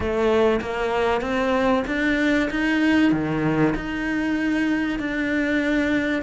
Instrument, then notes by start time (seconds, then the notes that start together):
cello
0.00 A3
0.61 A#3
1.21 C4
1.87 D4
2.50 D#4
3.11 D#3
3.75 D#4
4.99 D4